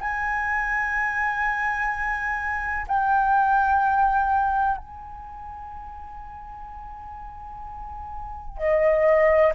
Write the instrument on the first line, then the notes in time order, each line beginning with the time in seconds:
flute
0.00 G#5
2.87 G5
4.77 G#5
8.58 D#5